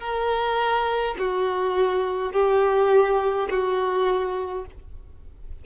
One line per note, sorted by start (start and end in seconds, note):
0.00 1.15 A#4
1.19 2.33 F#4
2.33 3.49 G4
3.50 4.66 F#4